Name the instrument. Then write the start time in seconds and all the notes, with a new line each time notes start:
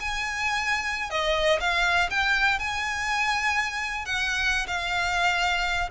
violin
0.00 G#5
1.10 D#5
1.61 F5
2.10 G5
2.60 G#5
4.06 F#5
4.67 F5